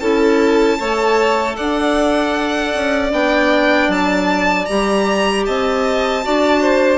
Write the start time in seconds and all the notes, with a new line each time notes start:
0.00 C#4 E4 A4 A5
0.79 A3 A4 C#5
1.56 D4 D5 F#5
2.75 C#4
3.10 B3 D4 G5
3.88 F#3 A5
4.66 G3 G4 A#5
5.46 C4 D#5 A5
6.23 D4 F#4 D5
6.62 C5